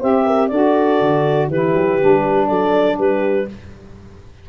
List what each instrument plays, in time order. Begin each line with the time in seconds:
0.00 tuba C4, saxophone G4, horn C5, clarinet E5
0.26 horn A#4
0.48 tuba D4, saxophone F#4, horn A4, clarinet D5
1.01 tuba D3
1.49 tuba E3, saxophone E4, horn G4, clarinet B4
1.75 tuba F#3
2.00 tuba G3, saxophone D4
2.47 tuba F#3, horn A4, clarinet D5
2.98 tuba G3, horn G4, clarinet B4